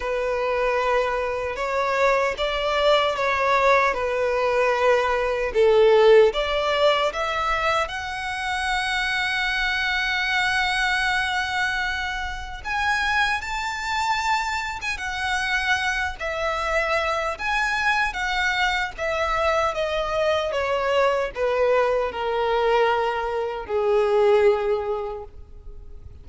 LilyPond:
\new Staff \with { instrumentName = "violin" } { \time 4/4 \tempo 4 = 76 b'2 cis''4 d''4 | cis''4 b'2 a'4 | d''4 e''4 fis''2~ | fis''1 |
gis''4 a''4.~ a''16 gis''16 fis''4~ | fis''8 e''4. gis''4 fis''4 | e''4 dis''4 cis''4 b'4 | ais'2 gis'2 | }